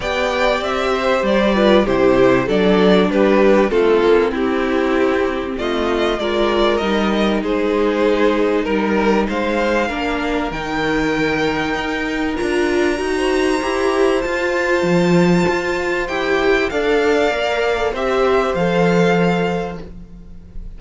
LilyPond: <<
  \new Staff \with { instrumentName = "violin" } { \time 4/4 \tempo 4 = 97 g''4 e''4 d''4 c''4 | d''4 b'4 a'4 g'4~ | g'4 dis''4 d''4 dis''4 | c''2 ais'4 f''4~ |
f''4 g''2. | ais''2. a''4~ | a''2 g''4 f''4~ | f''4 e''4 f''2 | }
  \new Staff \with { instrumentName = "violin" } { \time 4/4 d''4. c''4 b'8 g'4 | a'4 g'4 f'4 e'4~ | e'4 f'4 ais'2 | gis'2 ais'4 c''4 |
ais'1~ | ais'4~ ais'16 c''2~ c''8.~ | c''2. d''4~ | d''4 c''2. | }
  \new Staff \with { instrumentName = "viola" } { \time 4/4 g'2~ g'8 f'8 e'4 | d'2 c'2~ | c'2 f'4 dis'4~ | dis'1 |
d'4 dis'2. | f'4 fis'4 g'4 f'4~ | f'2 g'4 a'4 | ais'8. a'16 g'4 a'2 | }
  \new Staff \with { instrumentName = "cello" } { \time 4/4 b4 c'4 g4 c4 | fis4 g4 a8 ais8 c'4~ | c'4 a4 gis4 g4 | gis2 g4 gis4 |
ais4 dis2 dis'4 | d'4 dis'4 e'4 f'4 | f4 f'4 e'4 d'4 | ais4 c'4 f2 | }
>>